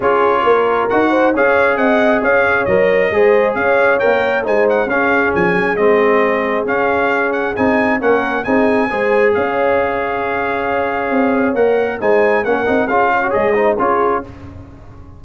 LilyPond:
<<
  \new Staff \with { instrumentName = "trumpet" } { \time 4/4 \tempo 4 = 135 cis''2 fis''4 f''4 | fis''4 f''4 dis''2 | f''4 g''4 gis''8 fis''8 f''4 | gis''4 dis''2 f''4~ |
f''8 fis''8 gis''4 fis''4 gis''4~ | gis''4 f''2.~ | f''2 fis''4 gis''4 | fis''4 f''4 dis''4 cis''4 | }
  \new Staff \with { instrumentName = "horn" } { \time 4/4 gis'4 ais'4. c''8 cis''4 | dis''4 cis''2 c''4 | cis''2 c''4 gis'4~ | gis'1~ |
gis'2 ais'4 gis'4 | c''4 cis''2.~ | cis''2. c''4 | ais'4 gis'8 cis''4 c''8 gis'4 | }
  \new Staff \with { instrumentName = "trombone" } { \time 4/4 f'2 fis'4 gis'4~ | gis'2 ais'4 gis'4~ | gis'4 ais'4 dis'4 cis'4~ | cis'4 c'2 cis'4~ |
cis'4 dis'4 cis'4 dis'4 | gis'1~ | gis'2 ais'4 dis'4 | cis'8 dis'8 f'8. fis'16 gis'8 dis'8 f'4 | }
  \new Staff \with { instrumentName = "tuba" } { \time 4/4 cis'4 ais4 dis'4 cis'4 | c'4 cis'4 fis4 gis4 | cis'4 ais4 gis4 cis'4 | f8 fis8 gis2 cis'4~ |
cis'4 c'4 ais4 c'4 | gis4 cis'2.~ | cis'4 c'4 ais4 gis4 | ais8 c'8 cis'4 gis4 cis'4 | }
>>